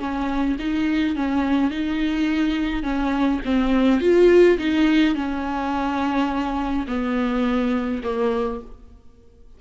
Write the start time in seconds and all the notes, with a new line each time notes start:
0.00 C#4
0.59 D#4
1.16 C#4
1.71 D#4
2.83 C#4
3.45 C4
4.01 F4
4.58 D#4
5.16 C#4
6.88 B3
8.04 A#3